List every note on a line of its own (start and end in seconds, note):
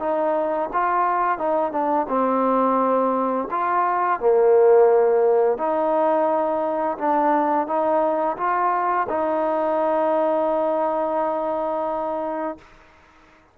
0.00 0.70 D#4
0.74 1.39 F4
1.39 1.72 D#4
1.72 2.07 D4
2.09 3.49 C4
3.51 4.20 F4
4.20 5.58 A#3
5.58 6.98 D#4
6.98 7.67 D4
7.67 8.37 D#4
8.38 9.07 F4
9.10 12.58 D#4